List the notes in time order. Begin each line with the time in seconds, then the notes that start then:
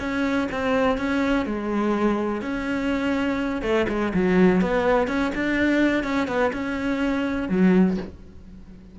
0.00 C#4
0.52 C4
0.98 C#4
1.46 G#3
2.42 C#4
3.62 A3
3.89 G#3
4.14 F#3
4.62 B3
5.08 C#4
5.35 D4
6.04 C#4
6.28 B3
6.53 C#4
7.49 F#3